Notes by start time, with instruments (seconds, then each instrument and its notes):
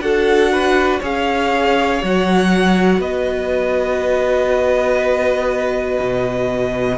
0.00 cello D4, viola F#4, violin A4 F#5
0.52 violin B4
1.00 cello C#4, viola G#4, violin C#5 F5
2.01 cello F#3, viola F#4, violin F#5
2.99 cello B3, violin B4 D#5
6.00 cello B2